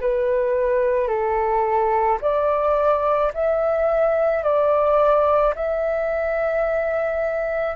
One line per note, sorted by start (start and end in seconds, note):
0.00 1.08 B4
1.08 2.19 A4
2.21 3.32 D5
3.34 4.43 E5
4.43 5.54 D5
5.55 7.75 E5